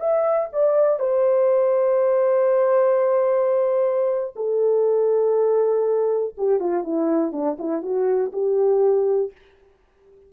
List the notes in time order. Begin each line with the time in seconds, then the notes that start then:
0.00 E5
0.53 D5
1.00 C5
4.36 A4
6.38 G4
6.60 F4
6.84 E4
7.33 D4
7.59 E4
7.82 F#4
8.33 G4